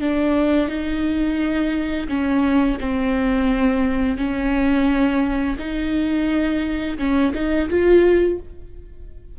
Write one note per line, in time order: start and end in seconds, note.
0.00 0.68 D4
0.68 2.07 D#4
2.08 2.77 C#4
2.80 4.17 C4
4.17 5.57 C#4
5.58 6.98 D#4
6.98 7.33 C#4
7.34 7.69 D#4
7.69 8.39 F4